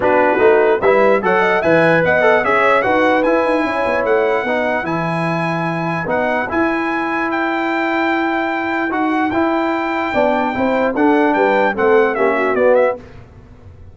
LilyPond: <<
  \new Staff \with { instrumentName = "trumpet" } { \time 4/4 \tempo 4 = 148 b'2 e''4 fis''4 | gis''4 fis''4 e''4 fis''4 | gis''2 fis''2 | gis''2. fis''4 |
gis''2 g''2~ | g''2 fis''4 g''4~ | g''2. fis''4 | g''4 fis''4 e''4 d''8 e''8 | }
  \new Staff \with { instrumentName = "horn" } { \time 4/4 fis'2 b'4 cis''8 dis''8 | e''4 dis''4 cis''4 b'4~ | b'4 cis''2 b'4~ | b'1~ |
b'1~ | b'1~ | b'4 d''4 c''4 a'4 | b'4 a'4 g'8 fis'4. | }
  \new Staff \with { instrumentName = "trombone" } { \time 4/4 d'4 dis'4 e'4 a'4 | b'4. a'8 gis'4 fis'4 | e'2. dis'4 | e'2. dis'4 |
e'1~ | e'2 fis'4 e'4~ | e'4 d'4 e'4 d'4~ | d'4 c'4 cis'4 b4 | }
  \new Staff \with { instrumentName = "tuba" } { \time 4/4 b4 a4 g4 fis4 | e4 b4 cis'4 dis'4 | e'8 dis'8 cis'8 b8 a4 b4 | e2. b4 |
e'1~ | e'2 dis'4 e'4~ | e'4 b4 c'4 d'4 | g4 a4 ais4 b4 | }
>>